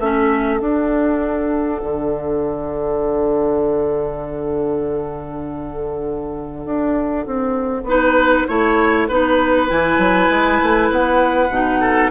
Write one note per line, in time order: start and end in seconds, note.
0.00 0.60 A3
0.00 0.60 C#4
0.00 7.88 A4
0.00 0.59 E5
0.59 7.87 D4
0.59 1.82 D4
0.59 9.68 F#5
1.83 6.66 D3
6.66 7.26 D4
7.27 7.84 C4
7.84 8.44 B3
7.84 8.48 D#4
7.84 8.48 B4
8.48 9.09 A3
8.48 9.09 E4
8.48 9.08 C#5
9.08 9.71 B3
9.08 9.68 D#4
9.08 11.80 B4
9.68 9.98 E3
9.68 11.50 E4
9.68 10.91 G#5
9.98 10.28 F#3
10.30 10.60 G#3
10.63 10.90 A3
10.90 11.49 B3
10.90 12.11 F#5
11.49 12.10 B2
11.49 12.11 D#4
11.80 12.11 A4